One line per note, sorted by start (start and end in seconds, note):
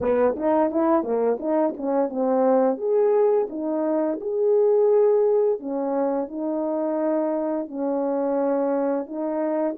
0.00 0.35 B3
0.36 0.70 D#4
0.70 1.03 E4
1.03 1.38 A#3
1.39 1.74 D#4
1.77 2.09 C#4
2.09 2.77 C4
2.77 3.47 G#4
3.49 4.19 D#4
4.21 5.59 G#4
5.59 6.28 C#4
6.28 7.67 D#4
7.67 9.05 C#4
9.05 9.75 D#4